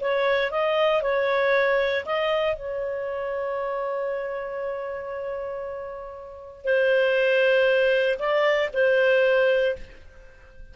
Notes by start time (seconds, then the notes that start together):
0.00 C#5
0.51 D#5
1.02 C#5
2.05 D#5
2.56 C#5
6.65 C5
8.19 D5
8.73 C5